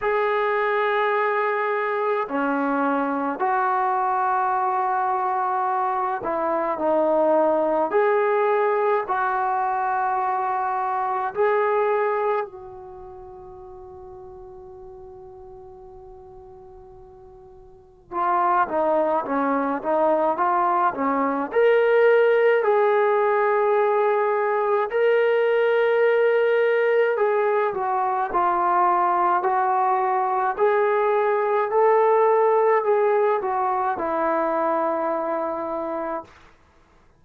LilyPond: \new Staff \with { instrumentName = "trombone" } { \time 4/4 \tempo 4 = 53 gis'2 cis'4 fis'4~ | fis'4. e'8 dis'4 gis'4 | fis'2 gis'4 fis'4~ | fis'1 |
f'8 dis'8 cis'8 dis'8 f'8 cis'8 ais'4 | gis'2 ais'2 | gis'8 fis'8 f'4 fis'4 gis'4 | a'4 gis'8 fis'8 e'2 | }